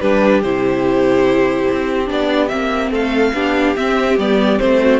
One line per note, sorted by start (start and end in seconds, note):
0.00 0.43 G3
0.00 0.44 D4
0.00 2.91 G4
0.00 0.42 B4
0.43 1.68 C3
0.43 2.07 E4
0.43 2.10 C5
1.71 2.10 C4
2.07 2.52 B3
2.07 2.49 D4
2.07 2.48 D5
2.48 2.91 A#3
2.48 3.34 C4
2.48 2.90 E5
2.91 3.33 A3
2.91 3.33 A4
2.91 3.76 F5
3.34 3.76 B3
3.34 3.76 D4
3.34 4.81 G4
3.76 4.18 C4
3.76 4.18 E5
4.18 4.59 G3
4.18 4.59 B3
4.18 4.60 D5
4.59 5.00 A3
4.59 5.00 C4
4.59 5.00 C5
4.82 5.00 F#4